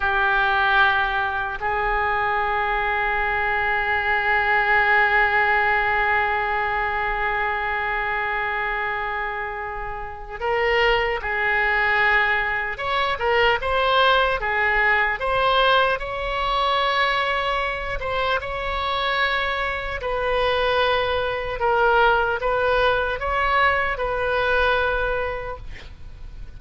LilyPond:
\new Staff \with { instrumentName = "oboe" } { \time 4/4 \tempo 4 = 75 g'2 gis'2~ | gis'1~ | gis'1~ | gis'4 ais'4 gis'2 |
cis''8 ais'8 c''4 gis'4 c''4 | cis''2~ cis''8 c''8 cis''4~ | cis''4 b'2 ais'4 | b'4 cis''4 b'2 | }